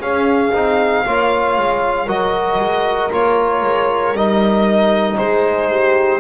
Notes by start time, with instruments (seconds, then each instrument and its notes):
0.00 double bass C#4, trombone C#4, horn G#4, violin F5
0.53 double bass C4, trombone D#4
1.05 double bass A#3, trombone F4, horn C#5
1.58 double bass G#3
2.06 double bass F#3, trombone F#4, horn A#4, violin D#5
2.58 double bass G#3
3.11 double bass A#3, trombone F4, violin C#5
3.62 double bass G#3
4.12 double bass G3, trombone D#4, violin D#5
5.17 double bass G#3, horn G#4, violin C5
5.70 horn G4